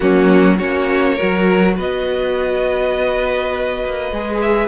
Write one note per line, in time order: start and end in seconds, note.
0.00 0.60 F#3
0.00 0.58 A#3
0.00 0.57 C#4
0.00 0.58 F#4
0.57 1.19 A#3
0.57 1.18 C#4
0.57 1.15 F#4
0.57 1.76 C#5
1.15 4.12 F#4
1.15 1.74 A#4
1.21 1.78 F#3
1.76 3.84 B3
1.76 4.67 B4
1.76 4.41 D#5
3.85 4.11 A#3
4.11 4.67 G#3
4.11 4.67 G#4
4.41 4.67 E5